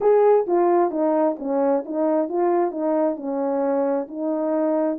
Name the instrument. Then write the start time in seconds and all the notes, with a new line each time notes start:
horn
0.00 G#4
0.46 F4
0.90 D#4
1.38 C#4
1.85 D#4
2.28 F4
2.71 D#4
3.16 C#4
4.08 D#4